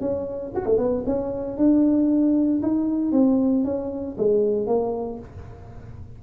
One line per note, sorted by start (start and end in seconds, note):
0.00 0.52 C#4
0.55 0.65 F#4
0.65 0.78 A3
0.78 1.04 B3
1.06 1.57 C#4
1.57 2.61 D4
2.62 3.12 D#4
3.12 3.64 C4
3.64 4.16 C#4
4.17 4.66 G#3
4.66 5.19 A#3